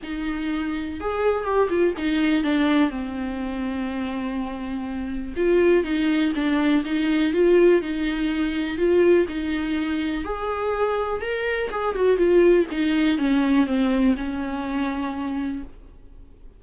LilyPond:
\new Staff \with { instrumentName = "viola" } { \time 4/4 \tempo 4 = 123 dis'2 gis'4 g'8 f'8 | dis'4 d'4 c'2~ | c'2. f'4 | dis'4 d'4 dis'4 f'4 |
dis'2 f'4 dis'4~ | dis'4 gis'2 ais'4 | gis'8 fis'8 f'4 dis'4 cis'4 | c'4 cis'2. | }